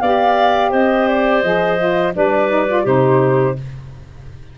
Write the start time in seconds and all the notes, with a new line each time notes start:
0.00 B3 G4 D5 F5
0.70 C4 C5 D#5
1.07 D5
1.42 F3 G#4 D#5
1.77 F4
2.13 G3 D4 B4 D5
2.49 D#4
2.67 F4
2.83 C3 D#4 G4 C5